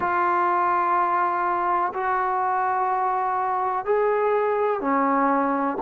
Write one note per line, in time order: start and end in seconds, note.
0.00 1.93 F4
1.93 3.85 F#4
3.85 4.80 G#4
4.80 5.77 C#4